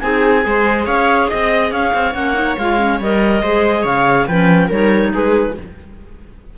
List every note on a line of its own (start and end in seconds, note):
0.00 0.45 C4
0.00 0.41 D#4
0.00 0.45 G#4
0.00 0.85 G#5
0.41 0.87 G#3
0.41 2.11 G#4
0.41 0.86 C5
0.86 1.29 C#4
0.86 1.28 C#5
0.86 1.29 F5
1.29 1.71 C4
1.29 1.71 D#5
1.71 1.92 C#4
1.71 3.41 C#5
1.71 2.14 F5
1.94 2.14 C4
2.13 2.57 A#3
2.13 2.34 C#4
2.13 2.57 F#5
2.34 2.55 D#4
2.57 3.00 G#3
2.57 2.78 F4
2.57 3.00 F5
2.78 2.99 C#4
3.00 3.42 G3
3.00 3.45 A#4
3.00 3.86 D#5
3.42 3.84 G#3
3.42 4.29 G#4
3.42 3.82 C5
3.82 4.27 C#3
3.82 4.25 C#5
3.82 4.27 F5
4.27 4.70 F3
4.27 4.69 C#4
4.27 4.68 B4
4.27 4.70 G5
4.68 5.12 G3
4.68 5.54 D#4
4.68 5.10 A#4
4.68 5.13 C#5
5.13 5.57 G#3
5.13 5.56 G#4
5.13 5.57 B4